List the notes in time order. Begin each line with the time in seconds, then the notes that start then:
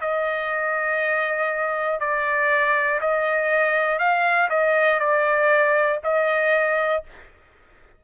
0.00 D#5
2.00 D5
3.00 D#5
3.98 F5
4.50 D#5
4.99 D5
6.03 D#5